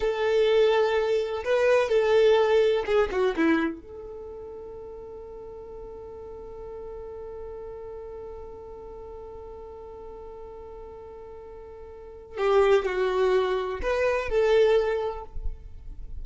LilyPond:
\new Staff \with { instrumentName = "violin" } { \time 4/4 \tempo 4 = 126 a'2. b'4 | a'2 gis'8 fis'8 e'4 | a'1~ | a'1~ |
a'1~ | a'1~ | a'2 g'4 fis'4~ | fis'4 b'4 a'2 | }